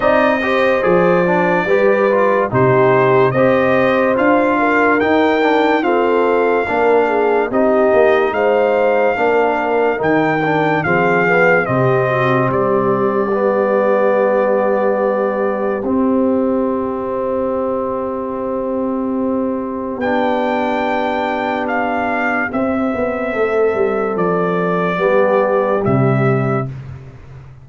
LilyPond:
<<
  \new Staff \with { instrumentName = "trumpet" } { \time 4/4 \tempo 4 = 72 dis''4 d''2 c''4 | dis''4 f''4 g''4 f''4~ | f''4 dis''4 f''2 | g''4 f''4 dis''4 d''4~ |
d''2. e''4~ | e''1 | g''2 f''4 e''4~ | e''4 d''2 e''4 | }
  \new Staff \with { instrumentName = "horn" } { \time 4/4 d''8 c''4. b'4 g'4 | c''4. ais'4. a'4 | ais'8 gis'8 g'4 c''4 ais'4~ | ais'4 gis'4 g'8 fis'8 g'4~ |
g'1~ | g'1~ | g'1 | a'2 g'2 | }
  \new Staff \with { instrumentName = "trombone" } { \time 4/4 dis'8 g'8 gis'8 d'8 g'8 f'8 dis'4 | g'4 f'4 dis'8 d'8 c'4 | d'4 dis'2 d'4 | dis'8 d'8 c'8 b8 c'2 |
b2. c'4~ | c'1 | d'2. c'4~ | c'2 b4 g4 | }
  \new Staff \with { instrumentName = "tuba" } { \time 4/4 c'4 f4 g4 c4 | c'4 d'4 dis'4 f'4 | ais4 c'8 ais8 gis4 ais4 | dis4 f4 c4 g4~ |
g2. c'4~ | c'1 | b2. c'8 b8 | a8 g8 f4 g4 c4 | }
>>